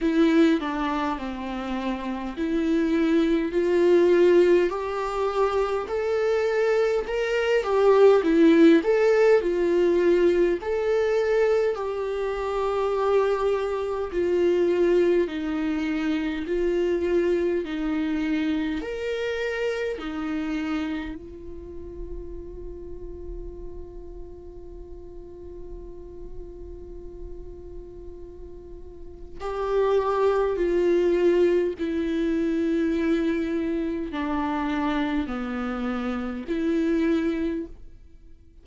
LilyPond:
\new Staff \with { instrumentName = "viola" } { \time 4/4 \tempo 4 = 51 e'8 d'8 c'4 e'4 f'4 | g'4 a'4 ais'8 g'8 e'8 a'8 | f'4 a'4 g'2 | f'4 dis'4 f'4 dis'4 |
ais'4 dis'4 f'2~ | f'1~ | f'4 g'4 f'4 e'4~ | e'4 d'4 b4 e'4 | }